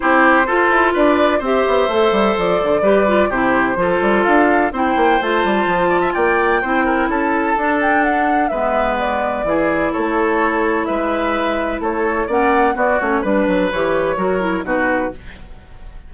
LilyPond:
<<
  \new Staff \with { instrumentName = "flute" } { \time 4/4 \tempo 4 = 127 c''2 d''4 e''4~ | e''4 d''2 c''4~ | c''4 f''4 g''4 a''4~ | a''4 g''2 a''4~ |
a''8 g''8 fis''4 e''4 d''4~ | d''4 cis''2 e''4~ | e''4 cis''4 fis''4 d''8 cis''8 | b'4 cis''2 b'4 | }
  \new Staff \with { instrumentName = "oboe" } { \time 4/4 g'4 a'4 b'4 c''4~ | c''2 b'4 g'4 | a'2 c''2~ | c''8 d''16 e''16 d''4 c''8 ais'8 a'4~ |
a'2 b'2 | gis'4 a'2 b'4~ | b'4 a'4 d''4 fis'4 | b'2 ais'4 fis'4 | }
  \new Staff \with { instrumentName = "clarinet" } { \time 4/4 e'4 f'2 g'4 | a'2 g'8 f'8 e'4 | f'2 e'4 f'4~ | f'2 e'2 |
d'2 b2 | e'1~ | e'2 cis'4 b8 cis'8 | d'4 g'4 fis'8 e'8 dis'4 | }
  \new Staff \with { instrumentName = "bassoon" } { \time 4/4 c'4 f'8 e'8 d'4 c'8 b8 | a8 g8 f8 d8 g4 c4 | f8 g8 d'4 c'8 ais8 a8 g8 | f4 ais4 c'4 cis'4 |
d'2 gis2 | e4 a2 gis4~ | gis4 a4 ais4 b8 a8 | g8 fis8 e4 fis4 b,4 | }
>>